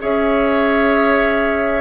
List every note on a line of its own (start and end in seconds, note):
0.00 1.81 C#4
0.00 1.81 G#4
0.00 1.81 C#5
0.00 1.81 E5